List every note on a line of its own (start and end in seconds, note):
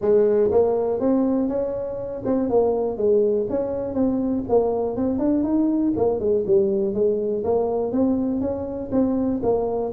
0.01 0.50 G#3
0.51 1.00 A#3
1.00 1.48 C4
1.48 2.22 C#4
2.25 2.49 C4
2.49 2.97 A#3
2.97 3.46 G#3
3.49 3.94 C#4
3.94 4.43 C4
4.49 4.96 A#3
4.96 5.18 C4
5.18 5.43 D4
5.43 5.93 D#4
5.96 6.19 A#3
6.19 6.44 G#3
6.46 6.94 G3
6.94 7.43 G#3
7.44 7.92 A#3
7.92 8.40 C4
8.40 8.90 C#4
8.91 9.41 C4
9.42 9.92 A#3